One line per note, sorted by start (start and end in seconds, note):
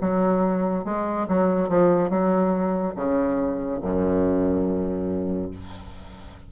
0.00 0.85 F#3
0.85 1.27 G#3
1.28 1.69 F#3
1.69 2.09 F3
2.09 2.94 F#3
2.95 3.80 C#3
3.81 5.50 F#2